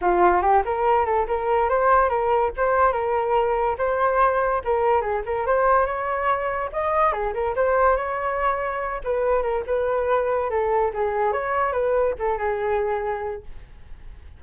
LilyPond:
\new Staff \with { instrumentName = "flute" } { \time 4/4 \tempo 4 = 143 f'4 g'8 ais'4 a'8 ais'4 | c''4 ais'4 c''4 ais'4~ | ais'4 c''2 ais'4 | gis'8 ais'8 c''4 cis''2 |
dis''4 gis'8 ais'8 c''4 cis''4~ | cis''4. b'4 ais'8 b'4~ | b'4 a'4 gis'4 cis''4 | b'4 a'8 gis'2~ gis'8 | }